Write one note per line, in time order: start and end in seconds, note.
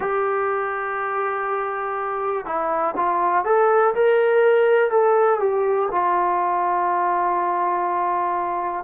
0.00 2.45 G4
2.45 2.94 E4
2.96 3.44 F4
3.44 3.93 A4
3.94 4.90 A#4
4.90 5.39 A4
5.39 5.88 G4
5.91 8.84 F4